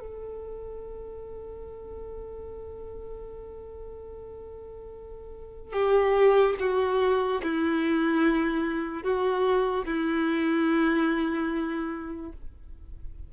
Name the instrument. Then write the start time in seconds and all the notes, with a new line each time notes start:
violin
0.00 A4
5.73 G4
6.60 F#4
7.43 E4
9.03 F#4
9.86 E4